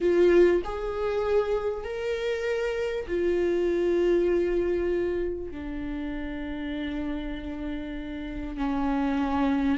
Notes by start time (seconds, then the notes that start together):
0.00 F4
0.64 G#4
1.84 A#4
3.07 F4
5.51 D4
8.57 C#4